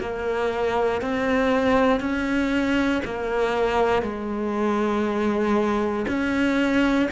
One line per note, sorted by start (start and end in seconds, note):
0.00 1.01 A#3
1.01 2.00 C4
2.00 3.01 C#4
3.04 4.02 A#3
4.02 6.06 G#3
6.07 7.09 C#4